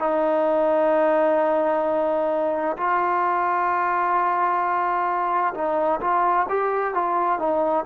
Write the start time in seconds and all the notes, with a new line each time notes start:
0.00 D#4
2.78 F4
5.55 D#4
6.01 F4
6.50 G4
6.95 F4
7.39 D#4